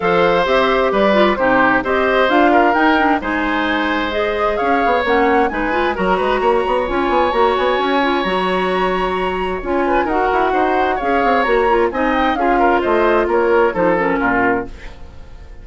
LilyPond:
<<
  \new Staff \with { instrumentName = "flute" } { \time 4/4 \tempo 4 = 131 f''4 e''4 d''4 c''4 | dis''4 f''4 g''4 gis''4~ | gis''4 dis''4 f''4 fis''4 | gis''4 ais''2 gis''4 |
ais''8 gis''4. ais''2~ | ais''4 gis''4 fis''2 | f''4 ais''4 gis''8 g''8 f''4 | dis''4 cis''4 c''8 ais'4. | }
  \new Staff \with { instrumentName = "oboe" } { \time 4/4 c''2 b'4 g'4 | c''4. ais'4. c''4~ | c''2 cis''2 | b'4 ais'8 b'8 cis''2~ |
cis''1~ | cis''4. b'8 ais'4 c''4 | cis''2 dis''4 gis'8 ais'8 | c''4 ais'4 a'4 f'4 | }
  \new Staff \with { instrumentName = "clarinet" } { \time 4/4 a'4 g'4. f'8 dis'4 | g'4 f'4 dis'8 d'8 dis'4~ | dis'4 gis'2 cis'4 | dis'8 f'8 fis'2 f'4 |
fis'4. f'8 fis'2~ | fis'4 f'4 fis'2 | gis'4 fis'8 f'8 dis'4 f'4~ | f'2 dis'8 cis'4. | }
  \new Staff \with { instrumentName = "bassoon" } { \time 4/4 f4 c'4 g4 c4 | c'4 d'4 dis'4 gis4~ | gis2 cis'8 b8 ais4 | gis4 fis8 gis8 ais8 b8 cis'8 b8 |
ais8 b8 cis'4 fis2~ | fis4 cis'4 dis'8 e'8 dis'4 | cis'8 c'8 ais4 c'4 cis'4 | a4 ais4 f4 ais,4 | }
>>